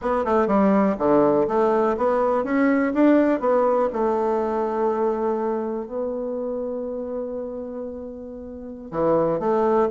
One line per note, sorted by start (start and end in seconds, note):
0.01 0.24 B3
0.24 0.47 A3
0.47 0.95 G3
0.98 1.47 D3
1.47 1.96 A3
1.97 2.44 B3
2.44 2.92 C#4
2.94 3.39 D4
3.39 3.88 B3
3.93 5.86 A3
5.86 8.91 B3
8.91 9.39 E3
9.39 9.88 A3